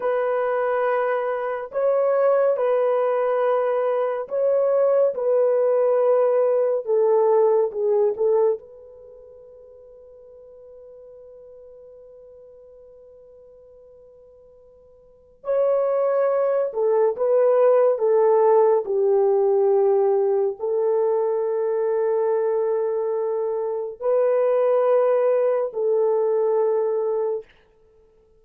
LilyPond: \new Staff \with { instrumentName = "horn" } { \time 4/4 \tempo 4 = 70 b'2 cis''4 b'4~ | b'4 cis''4 b'2 | a'4 gis'8 a'8 b'2~ | b'1~ |
b'2 cis''4. a'8 | b'4 a'4 g'2 | a'1 | b'2 a'2 | }